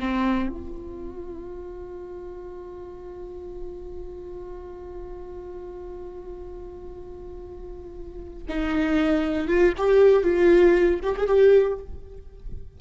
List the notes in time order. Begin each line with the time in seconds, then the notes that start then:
0.00 C4
0.49 F4
8.49 D#4
9.48 F4
9.78 G4
10.24 F4
11.03 G4
11.17 G#4
11.27 G4